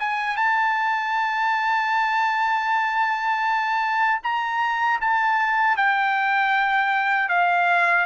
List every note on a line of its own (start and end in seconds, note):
0.00 0.37 G#5
0.37 4.21 A5
4.23 5.00 A#5
5.01 5.77 A5
5.77 7.29 G5
7.29 8.06 F5